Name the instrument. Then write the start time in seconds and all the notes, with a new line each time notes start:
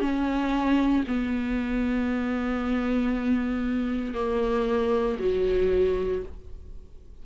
viola
0.00 C#4
1.07 B3
4.14 A#3
5.19 F#3